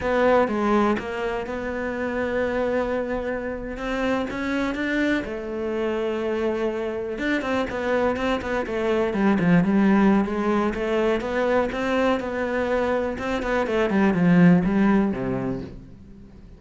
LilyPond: \new Staff \with { instrumentName = "cello" } { \time 4/4 \tempo 4 = 123 b4 gis4 ais4 b4~ | b2.~ b8. c'16~ | c'8. cis'4 d'4 a4~ a16~ | a2~ a8. d'8 c'8 b16~ |
b8. c'8 b8 a4 g8 f8 g16~ | g4 gis4 a4 b4 | c'4 b2 c'8 b8 | a8 g8 f4 g4 c4 | }